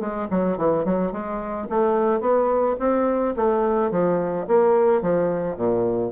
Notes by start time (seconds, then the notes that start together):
0.00 G#3
0.31 F#3
0.58 E3
0.85 F#3
1.12 G#3
1.70 A3
2.21 B3
2.80 C4
3.36 A3
3.91 F3
4.48 A#3
5.02 F3
5.57 A#2